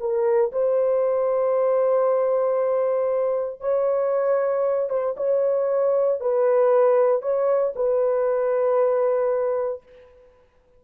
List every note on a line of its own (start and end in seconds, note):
0.00 0.52 A#4
0.52 3.61 C5
3.61 4.89 C#5
4.89 5.15 C5
5.17 6.20 C#5
6.21 7.22 B4
7.22 7.74 C#5
7.76 9.83 B4